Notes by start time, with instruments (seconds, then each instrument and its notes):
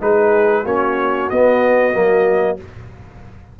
0.00 tuba G#3, trombone D#4, horn G#4, trumpet B4
0.63 tuba A#3, trombone C#4, horn F#4, trumpet C#5
1.29 tuba B3, trombone B3, trumpet D#5
1.92 tuba F#3, trombone A#3